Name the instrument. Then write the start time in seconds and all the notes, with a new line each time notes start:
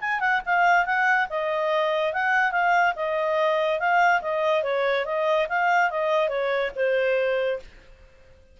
clarinet
0.00 G#5
0.20 F#5
0.45 F5
0.85 F#5
1.29 D#5
2.13 F#5
2.51 F5
2.95 D#5
3.79 F5
4.21 D#5
4.63 C#5
5.05 D#5
5.49 F5
5.90 D#5
6.29 C#5
6.75 C5